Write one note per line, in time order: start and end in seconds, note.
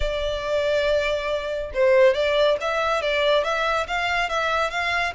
0.00 1.71 D5
1.74 2.14 C5
2.14 2.57 D5
2.60 3.02 E5
3.02 3.44 D5
3.44 3.86 E5
3.87 4.29 F5
4.29 4.70 E5
4.70 5.13 F5